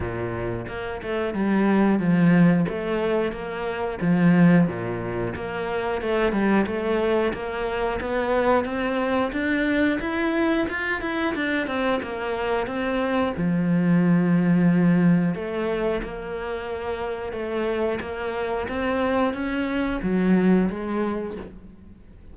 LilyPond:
\new Staff \with { instrumentName = "cello" } { \time 4/4 \tempo 4 = 90 ais,4 ais8 a8 g4 f4 | a4 ais4 f4 ais,4 | ais4 a8 g8 a4 ais4 | b4 c'4 d'4 e'4 |
f'8 e'8 d'8 c'8 ais4 c'4 | f2. a4 | ais2 a4 ais4 | c'4 cis'4 fis4 gis4 | }